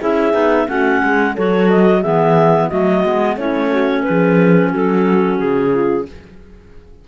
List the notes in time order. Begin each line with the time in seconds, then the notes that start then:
0.00 C#4 E4 G#4 E5
0.32 B3 D#4
0.67 A3 C#4 F#4 F#5
1.03 G#3 G#4
1.35 F#3 F#4 A4 C#5
1.69 D#5
2.01 E3 B3 G#4 E5
2.68 F#3 A3 F#4 D#5
3.04 G#3 B3
3.36 A3 C#4 E4 C#5
3.71 F#4
4.03 B4
4.09 F3 G#4
4.70 F#3 F#4 A4
5.38 C#3 G#4
5.73 F4